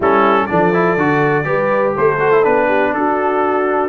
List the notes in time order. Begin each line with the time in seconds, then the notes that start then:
0.00 G3 C#4 E4 A4
0.46 F3 D4 A4 D5
0.73 E4
0.97 D3 F#4
1.44 G3 G4 B4
1.94 A3 A4 C5
2.19 F#4
2.31 E4
2.43 B3 D4 B4
2.67 G4
2.92 D4 F#4 A4